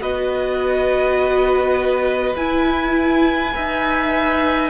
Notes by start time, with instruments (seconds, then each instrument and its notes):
0.00 cello B3, viola F#4, violin B4 D#5
2.36 viola E4, cello E4, violin G#5
3.52 cello D#4, viola B4, violin E5